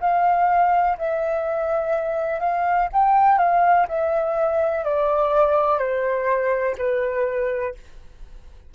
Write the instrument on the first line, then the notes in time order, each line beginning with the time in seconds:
flute
0.00 F5
0.98 E5
2.40 F5
2.93 G5
3.38 F5
3.88 E5
4.85 D5
5.78 C5
6.78 B4